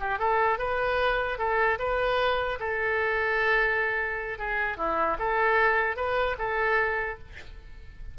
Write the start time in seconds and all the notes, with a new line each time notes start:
0.00 G4
0.19 A4
0.59 B4
1.39 A4
1.79 B4
2.60 A4
4.39 G#4
4.77 E4
5.19 A4
5.97 B4
6.38 A4